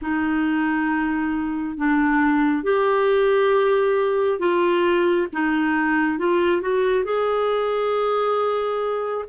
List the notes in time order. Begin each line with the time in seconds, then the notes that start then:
0.01 D#4
1.77 D4
2.63 G4
4.39 F4
5.33 D#4
6.18 F4
6.61 F#4
7.04 G#4